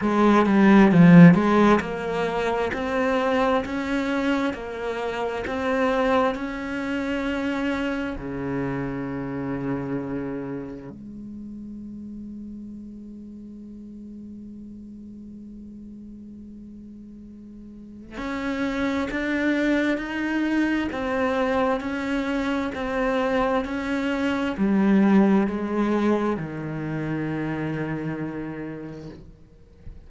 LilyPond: \new Staff \with { instrumentName = "cello" } { \time 4/4 \tempo 4 = 66 gis8 g8 f8 gis8 ais4 c'4 | cis'4 ais4 c'4 cis'4~ | cis'4 cis2. | gis1~ |
gis1 | cis'4 d'4 dis'4 c'4 | cis'4 c'4 cis'4 g4 | gis4 dis2. | }